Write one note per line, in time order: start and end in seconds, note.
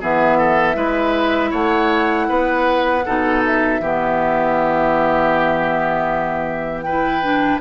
0.00 0.75 E3
0.00 0.74 B3
0.00 0.37 G#4
0.00 1.52 E5
0.37 0.75 A4
0.74 1.51 G#3
0.74 3.02 E4
0.74 1.50 B4
1.50 2.28 A3
1.50 2.26 C#5
1.50 3.42 F#5
2.28 3.05 B3
2.28 3.04 B4
3.05 3.79 B2
3.05 3.81 D#4
3.05 3.81 A4
3.45 6.82 E5
3.79 7.59 E3
3.79 6.85 B3
3.79 6.84 G4
6.82 7.22 E4
6.82 7.60 B4
6.82 7.58 G5
7.22 7.60 D4